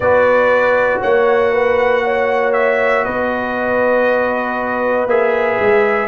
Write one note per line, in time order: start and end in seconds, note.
0.00 0.99 B3
0.00 5.09 F#4
0.00 1.00 B4
0.00 1.00 D5
1.00 3.06 A#3
1.00 1.51 C#5
1.00 2.53 F#5
1.52 2.03 B4
2.04 3.04 C#5
2.53 3.04 E5
3.04 5.06 B3
3.04 6.08 B4
3.04 5.07 D#5
5.06 5.57 A#3
5.06 6.08 G#4
5.06 6.08 E5
5.60 6.08 G#3